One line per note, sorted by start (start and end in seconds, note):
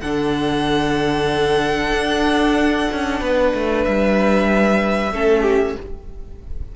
0.00 1.91 D3
0.00 5.12 D4
0.00 3.20 A4
0.00 3.83 F#5
1.91 2.87 D4
2.92 3.21 C#4
3.20 3.53 B3
3.20 5.11 B4
3.54 3.86 A3
3.84 5.12 G3
3.84 5.76 E5
5.12 5.76 A3
5.12 5.76 C#4
5.12 5.41 A4
5.41 5.73 G4